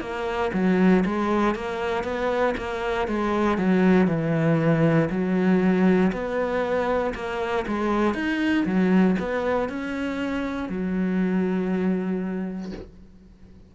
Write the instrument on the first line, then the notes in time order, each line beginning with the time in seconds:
cello
0.00 A#3
0.53 F#3
1.05 G#3
1.55 A#3
2.03 B3
2.57 A#3
3.08 G#3
3.58 F#3
4.07 E3
5.10 F#3
6.12 B3
7.14 A#3
7.67 G#3
8.14 D#4
8.65 F#3
9.19 B3
9.69 C#4
10.69 F#3